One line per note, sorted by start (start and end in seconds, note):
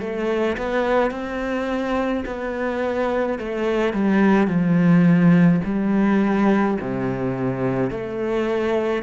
0.00 0.57 A3
0.57 1.11 B3
1.11 2.24 C4
2.25 3.39 B3
3.39 3.93 A3
3.93 4.47 G3
4.47 5.60 F3
5.64 6.78 G3
6.81 7.90 C3
7.90 9.03 A3